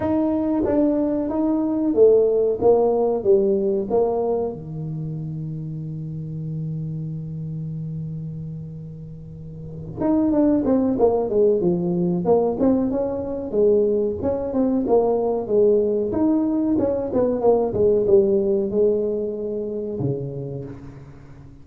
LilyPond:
\new Staff \with { instrumentName = "tuba" } { \time 4/4 \tempo 4 = 93 dis'4 d'4 dis'4 a4 | ais4 g4 ais4 dis4~ | dis1~ | dis2.~ dis8 dis'8 |
d'8 c'8 ais8 gis8 f4 ais8 c'8 | cis'4 gis4 cis'8 c'8 ais4 | gis4 dis'4 cis'8 b8 ais8 gis8 | g4 gis2 cis4 | }